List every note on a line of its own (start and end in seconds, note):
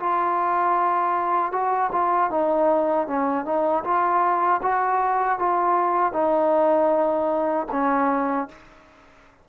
0.00 1.52 F4
1.52 1.91 F#4
1.92 2.30 F4
2.30 3.07 D#4
3.08 3.45 C#4
3.45 3.84 D#4
3.84 4.61 F4
4.63 5.39 F#4
5.39 6.13 F4
6.13 7.67 D#4
7.72 8.49 C#4